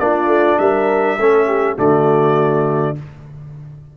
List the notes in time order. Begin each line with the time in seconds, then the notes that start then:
0.00 A#3 D4 F4 D5
0.27 A3
0.59 G3 A#4 E5
1.18 A3 C#4 A4
1.48 G4
1.77 D3 A3 F#4 D5